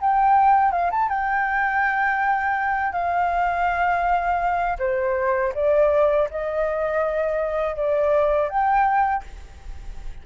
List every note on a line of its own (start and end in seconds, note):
0.00 0.71 G5
0.71 0.90 F5
0.91 1.08 A5
1.08 2.92 G5
2.92 4.77 F5
4.79 5.53 C5
5.54 6.28 D5
6.30 7.76 D#5
7.76 8.49 D5
8.49 9.23 G5